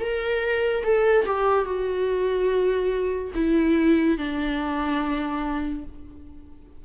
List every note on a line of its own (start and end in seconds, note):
0.00 0.83 A#4
0.83 1.25 A4
1.26 1.65 G4
1.65 3.31 F#4
3.35 4.17 E4
4.17 5.84 D4